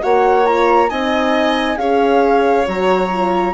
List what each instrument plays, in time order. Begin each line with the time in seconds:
0.00 bassoon A#3, horn F#4, violin C#5, flute F#5
0.44 horn F4, flute A#5
0.89 bassoon C4, horn D#4, violin D#5, flute G#5
1.76 bassoon C#4, horn G#4, violin C#5, flute F5
2.65 bassoon F#3, horn F#4, flute A#5
3.10 horn F4